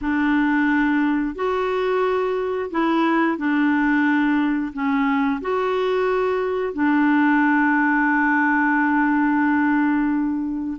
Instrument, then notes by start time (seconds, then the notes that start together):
clarinet
0.01 D4
1.35 F#4
2.70 E4
3.37 D4
4.73 C#4
5.41 F#4
6.73 D4